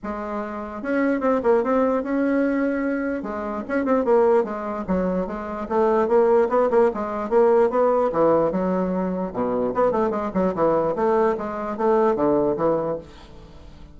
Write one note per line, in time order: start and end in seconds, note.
0.03 0.82 G#3
0.82 1.20 C#4
1.20 1.40 C4
1.43 1.63 A#3
1.63 2.03 C4
2.03 3.22 C#4
3.22 3.63 G#3
3.68 3.85 C#4
3.85 4.04 C4
4.04 4.43 A#3
4.43 4.84 G#3
4.87 5.26 F#3
5.26 5.67 G#3
5.68 6.08 A3
6.08 6.48 A#3
6.49 6.69 B3
6.70 6.90 A#3
6.94 7.29 G#3
7.29 7.70 A#3
7.70 8.10 B3
8.12 8.51 E3
8.51 9.32 F#3
9.33 9.73 B2
9.74 9.91 B3
9.91 10.10 A3
10.10 10.30 G#3
10.34 10.54 F#3
10.54 10.95 E3
10.95 11.36 A3
11.37 11.77 G#3
11.77 12.15 A3
12.15 12.56 D3
12.57 12.97 E3